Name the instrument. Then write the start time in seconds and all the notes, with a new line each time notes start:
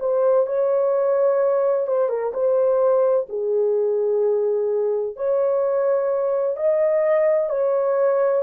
horn
0.00 C5
0.47 C#5
1.87 C5
2.09 A#4
2.34 C5
3.29 G#4
5.16 C#5
6.57 D#5
7.50 C#5